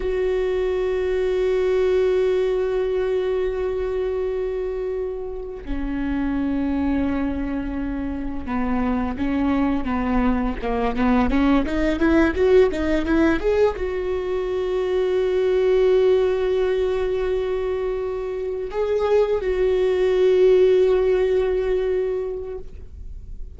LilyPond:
\new Staff \with { instrumentName = "viola" } { \time 4/4 \tempo 4 = 85 fis'1~ | fis'1 | cis'1 | b4 cis'4 b4 ais8 b8 |
cis'8 dis'8 e'8 fis'8 dis'8 e'8 gis'8 fis'8~ | fis'1~ | fis'2~ fis'8 gis'4 fis'8~ | fis'1 | }